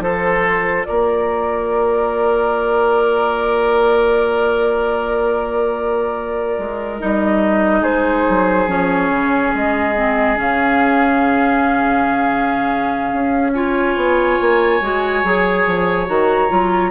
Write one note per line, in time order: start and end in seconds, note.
0.00 0.85 F3
0.00 7.00 F4
0.00 0.88 A4
0.00 0.85 C5
0.85 6.59 A#3
0.85 7.81 A#4
0.85 6.97 D5
6.59 7.01 G#3
6.99 7.82 G3
6.99 8.68 D#4
6.99 7.84 D#5
7.81 8.24 G#3
7.81 13.52 G#4
7.81 8.69 C5
8.30 8.67 F#3
8.67 9.10 F3
8.67 9.95 C#4
8.67 9.54 C#5
9.10 9.52 C#3
9.54 10.39 G#3
9.54 10.39 D#5
9.96 10.36 C4
10.36 13.13 C#3
10.36 13.53 C#4
10.36 13.53 F5
13.13 13.96 C#4
13.53 14.82 F4
13.53 16.92 C#5
13.53 16.07 G#5
13.96 14.39 B3
14.41 14.81 A#3
14.81 15.24 G#3
14.81 15.25 F#4
15.24 15.66 F#3
15.24 16.07 G#4
15.67 16.09 F3
16.07 16.51 D#3
16.07 16.49 F#4
16.07 16.92 A#5
16.49 16.92 F#3
16.49 16.91 F4